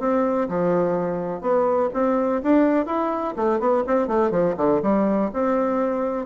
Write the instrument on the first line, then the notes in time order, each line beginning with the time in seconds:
bassoon
0.00 C4
0.49 F3
1.41 B3
1.94 C4
2.43 D4
2.87 E4
3.37 A3
3.60 B3
3.87 C4
4.08 A3
4.31 F3
4.57 D3
4.83 G3
5.34 C4